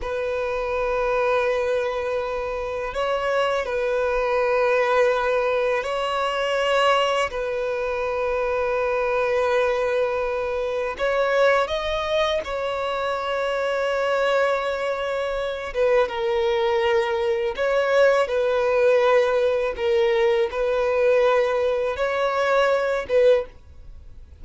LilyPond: \new Staff \with { instrumentName = "violin" } { \time 4/4 \tempo 4 = 82 b'1 | cis''4 b'2. | cis''2 b'2~ | b'2. cis''4 |
dis''4 cis''2.~ | cis''4. b'8 ais'2 | cis''4 b'2 ais'4 | b'2 cis''4. b'8 | }